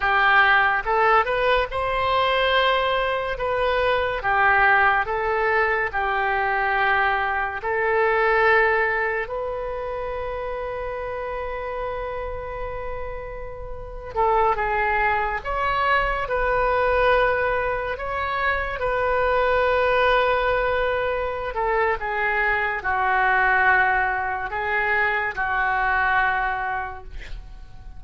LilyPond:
\new Staff \with { instrumentName = "oboe" } { \time 4/4 \tempo 4 = 71 g'4 a'8 b'8 c''2 | b'4 g'4 a'4 g'4~ | g'4 a'2 b'4~ | b'1~ |
b'8. a'8 gis'4 cis''4 b'8.~ | b'4~ b'16 cis''4 b'4.~ b'16~ | b'4. a'8 gis'4 fis'4~ | fis'4 gis'4 fis'2 | }